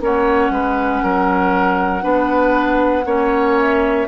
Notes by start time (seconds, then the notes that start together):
0.00 A#3 C#4 C#5 F#5
0.49 G#3 B4
1.03 F#3 A#4
2.01 B3 D4 B4
3.05 A#3 C#4 C#5
3.60 E5